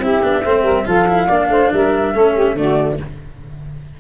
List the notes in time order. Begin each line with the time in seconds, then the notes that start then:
0.00 C4 E4 G4 E5
0.23 B3 D4
0.43 A3 C4 C5
0.62 G3 A#4
0.85 F3 F4 A4 F5
1.08 E4
1.26 A#3 D4 D5
1.49 A3 C5
1.73 G3 A#4 E5
2.14 A3 C#4 A4
2.33 G4
2.54 D3 A3 F#4 D5